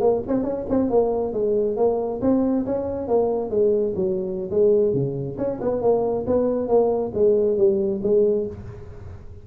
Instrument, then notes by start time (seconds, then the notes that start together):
tuba
0.00 A#3
0.27 C4
0.43 C#4
0.69 C4
0.90 A#3
1.33 G#3
1.77 A#3
2.21 C4
2.66 C#4
3.08 A#3
3.50 G#3
3.95 F#3
4.50 G#3
4.93 C#3
5.37 C#4
5.61 B3
5.81 A#3
6.26 B3
6.68 A#3
7.14 G#3
7.57 G3
8.03 G#3